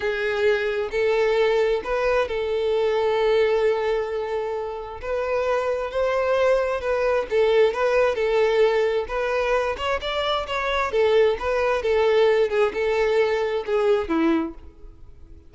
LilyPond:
\new Staff \with { instrumentName = "violin" } { \time 4/4 \tempo 4 = 132 gis'2 a'2 | b'4 a'2.~ | a'2. b'4~ | b'4 c''2 b'4 |
a'4 b'4 a'2 | b'4. cis''8 d''4 cis''4 | a'4 b'4 a'4. gis'8 | a'2 gis'4 e'4 | }